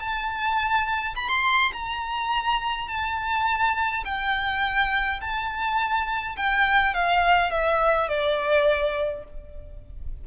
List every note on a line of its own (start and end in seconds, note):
0.00 1.15 A5
1.16 1.29 B5
1.29 1.72 C6
1.73 2.88 A#5
2.88 4.04 A5
4.05 5.21 G5
5.21 6.36 A5
6.37 6.94 G5
6.94 7.51 F5
7.51 8.09 E5
8.09 9.24 D5